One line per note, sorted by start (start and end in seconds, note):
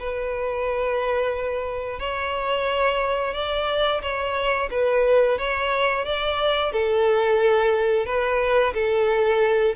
0.00 2.00 B4
2.00 3.34 C#5
3.34 4.02 D5
4.03 4.70 C#5
4.71 5.39 B4
5.39 6.06 C#5
6.06 6.73 D5
6.73 8.07 A4
8.07 8.74 B4
8.75 9.76 A4